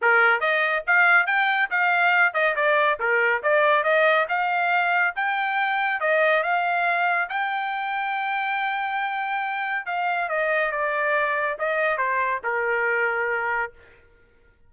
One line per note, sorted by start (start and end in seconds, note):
0.01 0.40 A#4
0.40 0.83 D#5
0.86 1.26 F5
1.26 1.69 G5
1.70 2.33 F5
2.33 2.55 D#5
2.55 2.98 D5
2.99 3.42 A#4
3.43 3.83 D5
3.83 4.26 D#5
4.29 5.14 F5
5.15 6.00 G5
6.00 6.43 D#5
6.43 7.29 F5
7.29 9.86 G5
9.86 10.28 F5
10.28 10.71 D#5
10.71 11.57 D5
11.58 11.97 D#5
11.97 12.40 C5
12.43 13.72 A#4